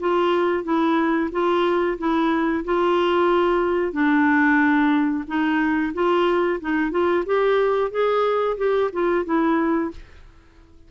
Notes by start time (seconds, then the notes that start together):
0.00 F4
0.64 E4
1.32 F4
1.98 E4
2.64 F4
3.93 D4
5.27 D#4
5.94 F4
6.61 D#4
6.91 F4
7.26 G4
7.91 G#4
8.57 G4
8.93 F4
9.25 E4